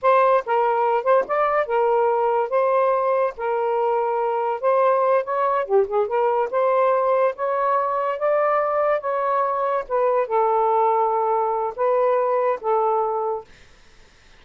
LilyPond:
\new Staff \with { instrumentName = "saxophone" } { \time 4/4 \tempo 4 = 143 c''4 ais'4. c''8 d''4 | ais'2 c''2 | ais'2. c''4~ | c''8 cis''4 g'8 gis'8 ais'4 c''8~ |
c''4. cis''2 d''8~ | d''4. cis''2 b'8~ | b'8 a'2.~ a'8 | b'2 a'2 | }